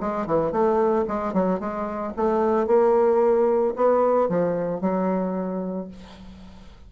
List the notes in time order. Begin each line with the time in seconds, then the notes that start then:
0.00 G#3
0.26 E3
0.52 A3
1.07 G#3
1.33 F#3
1.60 G#3
2.16 A3
2.67 A#3
3.76 B3
4.29 F3
4.81 F#3